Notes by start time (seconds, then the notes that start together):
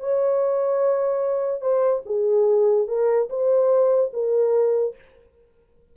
0.00 C#5
1.61 C5
2.05 G#4
2.88 A#4
3.30 C5
4.13 A#4